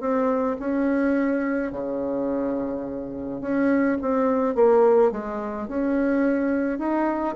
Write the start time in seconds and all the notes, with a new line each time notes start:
0.00 C4
0.59 C#4
1.72 C#3
3.41 C#4
4.01 C4
4.55 A#3
5.11 G#3
5.68 C#4
6.78 D#4